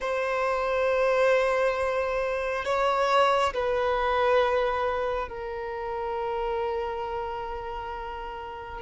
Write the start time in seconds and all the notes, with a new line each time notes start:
0.00 C5
2.65 C#5
3.53 B4
5.28 A#4